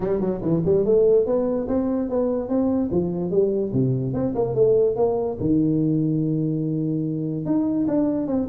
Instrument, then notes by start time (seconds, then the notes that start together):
tuba
0.00 G3
0.20 F#3
0.42 E3
0.65 G3
0.85 A3
1.26 B3
1.67 C4
2.09 B3
2.48 C4
2.91 F3
3.30 G3
3.72 C3
4.13 C4
4.34 A#3
4.54 A3
4.96 A#3
5.40 D#3
7.45 D#4
7.87 D4
8.27 C4